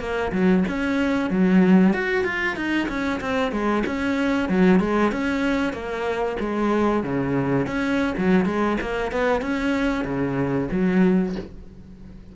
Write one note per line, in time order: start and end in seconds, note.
0.00 0.32 A#3
0.32 0.64 F#3
0.68 1.30 C#4
1.30 1.94 F#3
1.94 2.24 F#4
2.24 2.56 F4
2.56 2.88 D#4
2.88 3.20 C#4
3.21 3.52 C4
3.52 3.84 G#3
3.86 4.49 C#4
4.49 4.80 F#3
4.80 5.12 G#3
5.12 5.73 C#4
5.73 6.37 A#3
6.40 7.03 G#3
7.03 7.67 C#3
7.67 8.15 C#4
8.17 8.45 F#3
8.45 8.77 G#3
8.81 9.12 A#3
9.12 9.41 B3
9.41 10.04 C#4
10.04 10.68 C#3
10.71 11.35 F#3